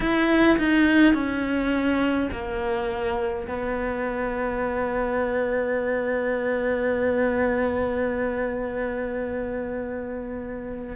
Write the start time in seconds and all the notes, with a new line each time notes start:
0.00 E4
0.58 D#4
1.14 C#4
2.31 A#3
3.47 B3